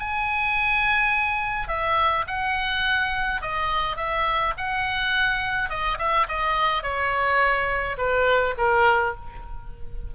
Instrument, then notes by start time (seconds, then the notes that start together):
oboe
0.00 G#5
1.68 E5
2.28 F#5
3.42 D#5
3.97 E5
4.58 F#5
5.70 D#5
5.99 E5
6.29 D#5
6.83 C#5
7.98 B4
8.58 A#4